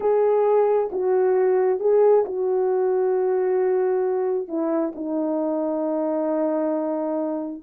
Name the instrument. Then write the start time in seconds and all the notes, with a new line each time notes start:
horn
0.00 G#4
0.92 F#4
1.79 G#4
2.25 F#4
4.48 E4
4.95 D#4